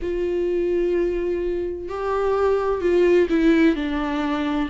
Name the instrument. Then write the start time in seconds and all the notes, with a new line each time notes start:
viola
0.02 F4
1.88 G4
2.81 F4
3.29 E4
3.75 D4